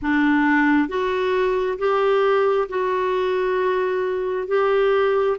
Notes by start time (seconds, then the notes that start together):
0.02 D4
0.88 F#4
1.78 G4
2.69 F#4
4.47 G4